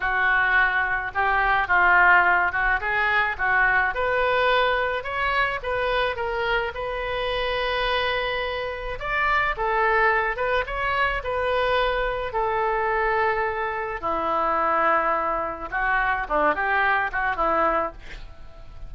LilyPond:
\new Staff \with { instrumentName = "oboe" } { \time 4/4 \tempo 4 = 107 fis'2 g'4 f'4~ | f'8 fis'8 gis'4 fis'4 b'4~ | b'4 cis''4 b'4 ais'4 | b'1 |
d''4 a'4. b'8 cis''4 | b'2 a'2~ | a'4 e'2. | fis'4 d'8 g'4 fis'8 e'4 | }